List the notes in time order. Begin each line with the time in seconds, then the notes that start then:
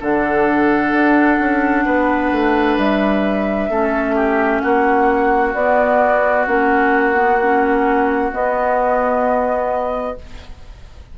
0.00 D3 D4 A4 F#5
0.92 D4
1.39 C#4
1.85 B3 B4
2.31 A3
2.78 G3 E5
3.69 A3 C#4 A4
4.15 G4
4.60 A#3 F#4 F#5
5.54 B3 D5
6.47 A#3 C#4 F#5
7.14 B3
7.42 C#4
8.32 B3 D#5